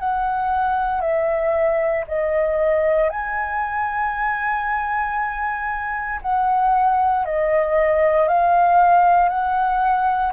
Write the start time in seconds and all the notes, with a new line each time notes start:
0.00 F#5
1.02 E5
2.08 D#5
3.10 G#5
6.23 F#5
7.26 D#5
8.29 F5
9.29 F#5